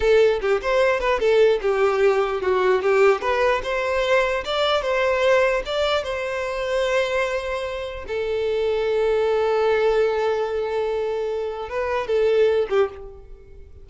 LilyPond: \new Staff \with { instrumentName = "violin" } { \time 4/4 \tempo 4 = 149 a'4 g'8 c''4 b'8 a'4 | g'2 fis'4 g'4 | b'4 c''2 d''4 | c''2 d''4 c''4~ |
c''1 | a'1~ | a'1~ | a'4 b'4 a'4. g'8 | }